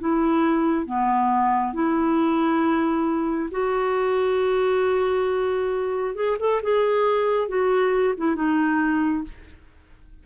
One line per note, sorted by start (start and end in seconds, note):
0.00 0.86 E4
0.86 1.73 B3
1.73 3.50 E4
3.51 6.15 F#4
6.15 6.37 G#4
6.39 6.61 A4
6.63 7.48 G#4
7.48 8.14 F#4
8.17 8.35 E4
8.35 9.24 D#4